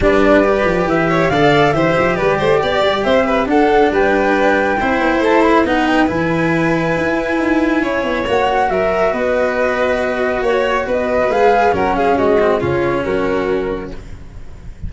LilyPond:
<<
  \new Staff \with { instrumentName = "flute" } { \time 4/4 \tempo 4 = 138 d''2 e''4 f''4 | e''4 d''2 e''4 | fis''4 g''2. | a''8 b''8 fis''8 g''8 gis''2~ |
gis''2. fis''4 | e''4 dis''2. | cis''4 dis''4 f''4 fis''8 f''8 | dis''4 cis''4 ais'2 | }
  \new Staff \with { instrumentName = "violin" } { \time 4/4 b'2~ b'8 cis''8 d''4 | c''4 b'8 c''8 d''4 c''8 b'8 | a'4 b'2 c''4~ | c''4 b'2.~ |
b'2 cis''2 | ais'4 b'2. | cis''4 b'2 ais'8 gis'8 | fis'4 f'4 fis'2 | }
  \new Staff \with { instrumentName = "cello" } { \time 4/4 d'4 g'2 a'4 | g'1 | d'2. e'4~ | e'4 dis'4 e'2~ |
e'2. fis'4~ | fis'1~ | fis'2 gis'4 cis'4~ | cis'8 c'8 cis'2. | }
  \new Staff \with { instrumentName = "tuba" } { \time 4/4 g4. f8 e4 d4 | e8 f8 g8 a8 b8 g8 c'4 | d'4 g2 c'8 b8 | a4 b4 e2 |
e'4 dis'4 cis'8 b8 ais4 | fis4 b2. | ais4 b4 gis4 fis4 | gis4 cis4 fis2 | }
>>